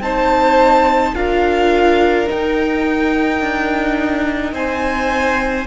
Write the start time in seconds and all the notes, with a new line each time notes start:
0.00 C4 D#4 C5 A5
1.15 D4 F4 A#4 F5
2.27 D#4 G5
3.41 D4
4.53 C4 C5 G#5